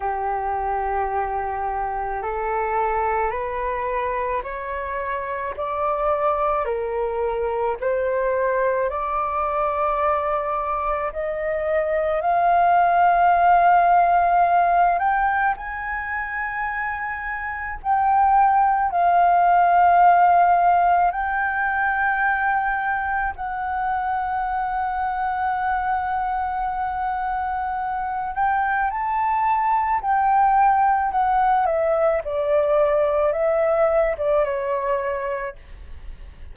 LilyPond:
\new Staff \with { instrumentName = "flute" } { \time 4/4 \tempo 4 = 54 g'2 a'4 b'4 | cis''4 d''4 ais'4 c''4 | d''2 dis''4 f''4~ | f''4. g''8 gis''2 |
g''4 f''2 g''4~ | g''4 fis''2.~ | fis''4. g''8 a''4 g''4 | fis''8 e''8 d''4 e''8. d''16 cis''4 | }